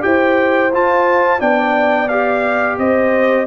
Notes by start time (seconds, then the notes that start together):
0.00 E4 G4 C5 G5
0.72 F4 A5
1.39 B3 D4 D5 G5
2.08 G4 F5
2.78 C4 C5 D#5